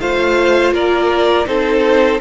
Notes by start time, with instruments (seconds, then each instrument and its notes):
0.00 cello A3, viola F4, violin C5 F5
0.72 cello A#3, violin A#4 D5
1.45 cello C4, viola D#4, violin A4 C5